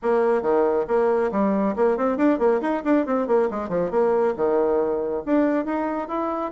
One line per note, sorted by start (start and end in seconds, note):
0.02 0.42 A#3
0.42 0.85 D#3
0.87 1.30 A#3
1.31 1.75 G3
1.75 1.97 A#3
1.97 2.17 C4
2.17 2.39 D4
2.39 2.60 A#3
2.61 2.82 D#4
2.84 3.06 D4
3.06 3.27 C4
3.27 3.49 A#3
3.50 3.69 G#3
3.69 3.90 F3
3.91 4.34 A#3
4.36 5.23 D#3
5.25 5.65 D4
5.65 6.08 D#4
6.08 6.51 E4